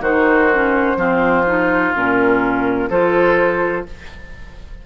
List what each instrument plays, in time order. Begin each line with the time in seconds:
0.00 bassoon D#3, clarinet D#4, oboe F#4, flute C5
0.53 clarinet C#4
0.96 bassoon F3, clarinet C4, oboe F4
1.46 clarinet D#4
1.94 bassoon A#2, clarinet C#4, flute A#4
2.89 bassoon F3, clarinet F4, oboe A4, flute C5